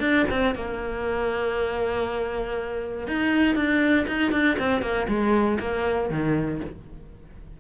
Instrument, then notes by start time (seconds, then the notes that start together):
cello
0.00 D4
0.30 C4
0.55 A#3
3.07 D#4
3.55 D4
4.07 D#4
4.32 D4
4.59 C4
4.82 A#3
5.08 G#3
5.60 A#3
6.10 D#3